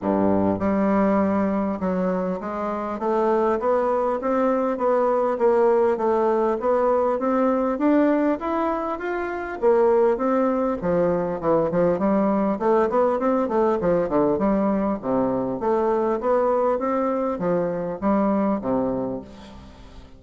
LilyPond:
\new Staff \with { instrumentName = "bassoon" } { \time 4/4 \tempo 4 = 100 g,4 g2 fis4 | gis4 a4 b4 c'4 | b4 ais4 a4 b4 | c'4 d'4 e'4 f'4 |
ais4 c'4 f4 e8 f8 | g4 a8 b8 c'8 a8 f8 d8 | g4 c4 a4 b4 | c'4 f4 g4 c4 | }